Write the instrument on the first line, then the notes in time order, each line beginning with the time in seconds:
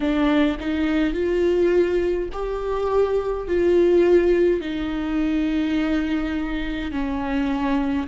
viola
0.00 D4
0.59 D#4
1.13 F4
2.32 G4
3.47 F4
4.60 D#4
6.91 C#4